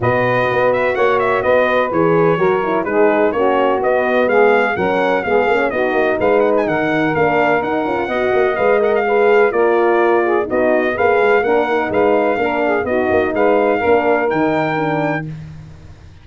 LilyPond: <<
  \new Staff \with { instrumentName = "trumpet" } { \time 4/4 \tempo 4 = 126 dis''4. e''8 fis''8 e''8 dis''4 | cis''2 b'4 cis''4 | dis''4 f''4 fis''4 f''4 | dis''4 f''8 fis''16 gis''16 fis''4 f''4 |
fis''2 f''8 fis''16 f''4~ f''16 | d''2 dis''4 f''4 | fis''4 f''2 dis''4 | f''2 g''2 | }
  \new Staff \with { instrumentName = "saxophone" } { \time 4/4 b'2 cis''4 b'4~ | b'4 ais'4 gis'4 fis'4~ | fis'4 gis'4 ais'4 gis'4 | fis'4 b'4 ais'2~ |
ais'4 dis''2 b'4 | ais'4. gis'8 fis'4 b'4 | ais'4 b'4 ais'8 gis'8 fis'4 | b'4 ais'2. | }
  \new Staff \with { instrumentName = "horn" } { \time 4/4 fis'1 | gis'4 fis'8 e'8 dis'4 cis'4 | b2 cis'4 b8 cis'8 | dis'2. d'4 |
dis'8 f'8 fis'4 b'8 ais'8 gis'4 | f'2 dis'4 gis'4 | d'8 dis'4. d'4 dis'4~ | dis'4 d'4 dis'4 d'4 | }
  \new Staff \with { instrumentName = "tuba" } { \time 4/4 b,4 b4 ais4 b4 | e4 fis4 gis4 ais4 | b4 gis4 fis4 gis8 ais8 | b8 ais8 gis4 dis4 ais4 |
dis'8 cis'8 b8 ais8 gis2 | ais2 b4 ais8 gis8 | ais4 gis4 ais4 b8 ais8 | gis4 ais4 dis2 | }
>>